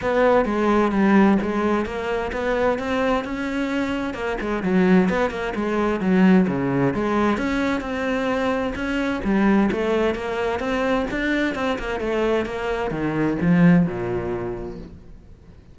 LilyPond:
\new Staff \with { instrumentName = "cello" } { \time 4/4 \tempo 4 = 130 b4 gis4 g4 gis4 | ais4 b4 c'4 cis'4~ | cis'4 ais8 gis8 fis4 b8 ais8 | gis4 fis4 cis4 gis4 |
cis'4 c'2 cis'4 | g4 a4 ais4 c'4 | d'4 c'8 ais8 a4 ais4 | dis4 f4 ais,2 | }